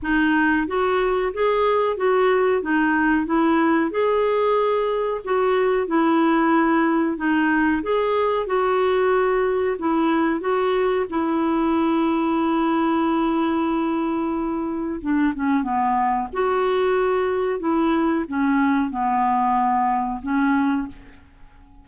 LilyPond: \new Staff \with { instrumentName = "clarinet" } { \time 4/4 \tempo 4 = 92 dis'4 fis'4 gis'4 fis'4 | dis'4 e'4 gis'2 | fis'4 e'2 dis'4 | gis'4 fis'2 e'4 |
fis'4 e'2.~ | e'2. d'8 cis'8 | b4 fis'2 e'4 | cis'4 b2 cis'4 | }